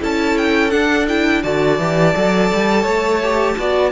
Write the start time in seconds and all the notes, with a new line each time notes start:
0.00 C#4 E4 A4 A5
0.37 G5
0.70 D4 F#5
1.08 E4 G5
1.42 D3 F#4 D5 A5
1.78 E3 G4
2.14 F#3 A4
2.52 G3
2.83 A3 C#5
3.22 G4
3.57 B3 F#4 D5